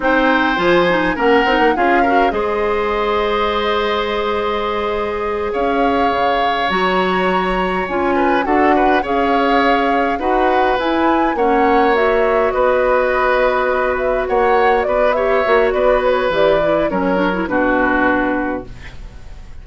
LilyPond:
<<
  \new Staff \with { instrumentName = "flute" } { \time 4/4 \tempo 4 = 103 g''4 gis''4 fis''4 f''4 | dis''1~ | dis''4. f''2 ais''8~ | ais''4. gis''4 fis''4 f''8~ |
f''4. fis''4 gis''4 fis''8~ | fis''8 e''4 dis''2~ dis''8 | e''8 fis''4 d''8 e''4 d''8 cis''8 | d''4 cis''4 b'2 | }
  \new Staff \with { instrumentName = "oboe" } { \time 4/4 c''2 ais'4 gis'8 ais'8 | c''1~ | c''4. cis''2~ cis''8~ | cis''2 b'8 a'8 b'8 cis''8~ |
cis''4. b'2 cis''8~ | cis''4. b'2~ b'8~ | b'8 cis''4 b'8 cis''4 b'4~ | b'4 ais'4 fis'2 | }
  \new Staff \with { instrumentName = "clarinet" } { \time 4/4 dis'4 f'8 dis'8 cis'8 dis'8 f'8 fis'8 | gis'1~ | gis'2.~ gis'8 fis'8~ | fis'4. f'4 fis'4 gis'8~ |
gis'4. fis'4 e'4 cis'8~ | cis'8 fis'2.~ fis'8~ | fis'2 g'8 fis'4. | g'8 e'8 cis'8 d'16 e'16 d'2 | }
  \new Staff \with { instrumentName = "bassoon" } { \time 4/4 c'4 f4 ais8 c'16 ais16 cis'4 | gis1~ | gis4. cis'4 cis4 fis8~ | fis4. cis'4 d'4 cis'8~ |
cis'4. dis'4 e'4 ais8~ | ais4. b2~ b8~ | b8 ais4 b4 ais8 b4 | e4 fis4 b,2 | }
>>